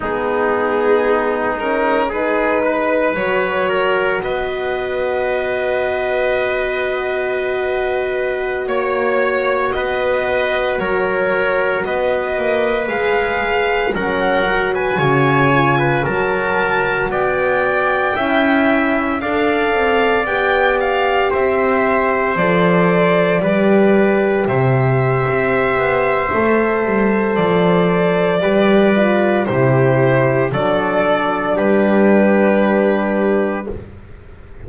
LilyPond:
<<
  \new Staff \with { instrumentName = "violin" } { \time 4/4 \tempo 4 = 57 gis'4. ais'8 b'4 cis''4 | dis''1~ | dis''16 cis''4 dis''4 cis''4 dis''8.~ | dis''16 f''4 fis''8. gis''4~ gis''16 a''8.~ |
a''16 g''2 f''4 g''8 f''16~ | f''16 e''4 d''2 e''8.~ | e''2 d''2 | c''4 d''4 b'2 | }
  \new Staff \with { instrumentName = "trumpet" } { \time 4/4 dis'2 gis'8 b'4 ais'8 | b'1~ | b'16 cis''4 b'4 ais'4 b'8.~ | b'4~ b'16 ais'8. b'16 cis''8. b'16 ais'8.~ |
ais'16 d''4 e''4 d''4.~ d''16~ | d''16 c''2 b'4 c''8.~ | c''2. b'4 | g'4 a'4 g'2 | }
  \new Staff \with { instrumentName = "horn" } { \time 4/4 b4. cis'8 dis'4 fis'4~ | fis'1~ | fis'1~ | fis'16 gis'4 cis'8 fis'4 f'8 fis'8.~ |
fis'4~ fis'16 e'4 a'4 g'8.~ | g'4~ g'16 a'4 g'4.~ g'16~ | g'4 a'2 g'8 f'8 | e'4 d'2. | }
  \new Staff \with { instrumentName = "double bass" } { \time 4/4 gis2. fis4 | b1~ | b16 ais4 b4 fis4 b8 ais16~ | ais16 gis4 fis4 cis4 fis8.~ |
fis16 b4 cis'4 d'8 c'8 b8.~ | b16 c'4 f4 g4 c8. | c'8 b8 a8 g8 f4 g4 | c4 fis4 g2 | }
>>